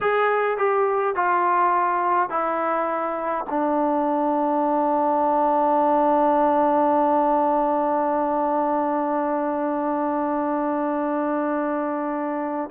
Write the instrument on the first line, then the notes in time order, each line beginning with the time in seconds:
trombone
0.00 G#4
0.57 G4
1.15 F4
2.29 E4
3.49 D4